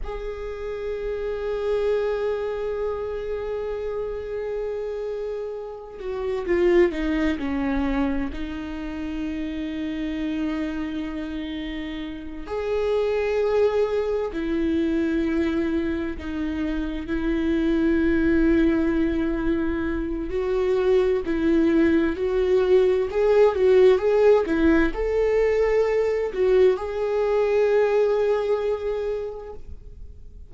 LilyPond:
\new Staff \with { instrumentName = "viola" } { \time 4/4 \tempo 4 = 65 gis'1~ | gis'2~ gis'8 fis'8 f'8 dis'8 | cis'4 dis'2.~ | dis'4. gis'2 e'8~ |
e'4. dis'4 e'4.~ | e'2 fis'4 e'4 | fis'4 gis'8 fis'8 gis'8 e'8 a'4~ | a'8 fis'8 gis'2. | }